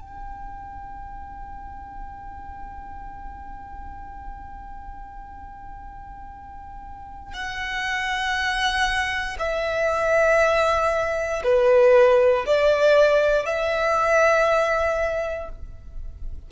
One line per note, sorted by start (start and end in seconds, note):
0.00 7.33 G5
7.33 9.37 F#5
9.39 11.42 E5
11.44 12.45 B4
12.46 13.46 D5
13.46 15.49 E5